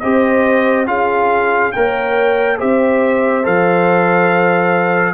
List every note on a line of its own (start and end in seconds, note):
0.00 0.88 C4
0.00 0.87 G4
0.00 0.87 C5
0.00 0.86 D#5
0.87 1.74 C#4
0.87 1.72 F4
0.87 1.73 G#4
0.87 1.72 F5
1.72 2.61 A#3
1.72 2.58 A#4
1.72 2.58 C#5
1.72 2.58 G5
2.58 3.47 C4
2.58 3.44 G4
2.58 5.14 C5
2.58 3.46 E5
3.44 5.14 F3
3.44 5.14 A4
3.44 5.14 F5